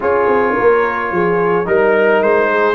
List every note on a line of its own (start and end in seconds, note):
0.00 0.26 C#4
0.00 1.65 F4
0.00 0.53 G#4
0.00 1.67 C#5
0.26 0.54 C4
0.53 1.09 A#4
0.59 1.11 A#3
1.11 1.67 F3
1.11 1.66 G#4
1.65 2.22 G3
1.65 2.74 D#4
1.65 2.50 A#4
1.65 2.22 A#4
2.22 2.74 G#3
2.22 2.74 C5
2.50 2.74 G#4